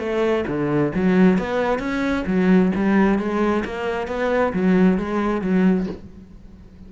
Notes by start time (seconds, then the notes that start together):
0.00 A3
0.48 D3
0.95 F#3
1.39 B3
1.80 C#4
2.27 F#3
2.76 G3
3.19 G#3
3.65 A#3
4.08 B3
4.54 F#3
4.98 G#3
5.42 F#3